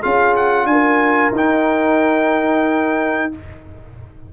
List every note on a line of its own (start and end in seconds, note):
0.00 0.65 C#4
0.00 1.32 F4
0.00 0.65 G#4
0.00 0.35 F5
0.36 0.66 F#5
0.65 1.30 D4
0.65 1.32 G#5
0.72 3.33 A#4
1.32 3.27 D#4
1.32 3.32 D#4
1.32 3.33 G5